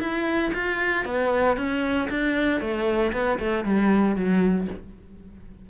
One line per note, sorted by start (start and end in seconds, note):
0.00 0.52 E4
0.54 1.05 F4
1.05 1.57 B3
1.57 2.09 C#4
2.10 2.61 D4
2.61 3.12 A3
3.13 3.39 B3
3.39 3.65 A3
3.65 4.16 G3
4.16 4.67 F#3